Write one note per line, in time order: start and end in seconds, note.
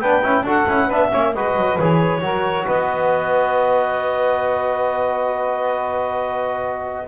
0.00 0.22 B3
0.00 0.23 D4
0.00 0.44 B4
0.00 0.44 G5
0.23 0.43 C#4
0.23 0.45 E4
0.43 0.65 D4
0.43 0.68 F#4
0.43 0.86 A4
0.43 0.92 F#5
0.68 0.90 C#4
0.68 0.90 E4
0.86 1.12 B3
0.86 1.11 D4
0.86 1.08 B4
0.86 1.34 E5
1.11 1.34 A#3
1.11 1.34 C#4
1.11 1.33 C#5
1.34 1.56 G#3
1.34 1.80 F#4
1.34 2.22 B4
1.34 1.78 D#5
1.56 1.78 F#3
1.78 2.21 E3
1.78 2.21 G#4
1.78 2.67 C#5
2.21 2.66 F#3
2.21 7.06 F#4
2.21 2.65 A#4
2.65 7.08 B3
2.65 7.06 B4
2.65 7.08 D#5